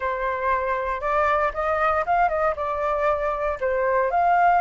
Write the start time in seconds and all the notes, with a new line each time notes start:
0.00 C5
1.00 D5
1.53 D#5
2.06 F5
2.28 D#5
2.55 D5
3.60 C5
4.10 F5